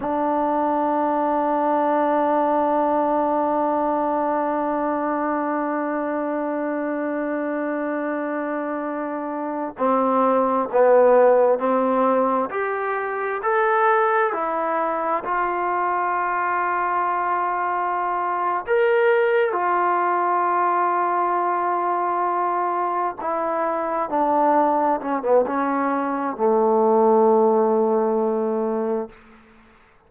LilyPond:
\new Staff \with { instrumentName = "trombone" } { \time 4/4 \tempo 4 = 66 d'1~ | d'1~ | d'2~ d'8. c'4 b16~ | b8. c'4 g'4 a'4 e'16~ |
e'8. f'2.~ f'16~ | f'8 ais'4 f'2~ f'8~ | f'4. e'4 d'4 cis'16 b16 | cis'4 a2. | }